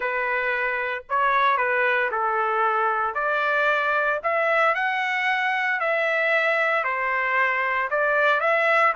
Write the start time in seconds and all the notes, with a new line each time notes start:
0.00 B4
1.09 C#5
1.57 B4
2.11 A4
3.14 D5
4.23 E5
4.74 F#5
5.79 E5
6.83 C5
7.90 D5
8.40 E5